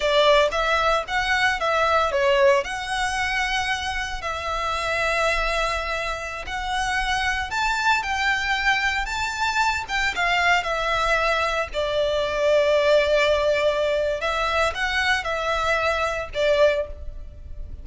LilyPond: \new Staff \with { instrumentName = "violin" } { \time 4/4 \tempo 4 = 114 d''4 e''4 fis''4 e''4 | cis''4 fis''2. | e''1~ | e''16 fis''2 a''4 g''8.~ |
g''4~ g''16 a''4. g''8 f''8.~ | f''16 e''2 d''4.~ d''16~ | d''2. e''4 | fis''4 e''2 d''4 | }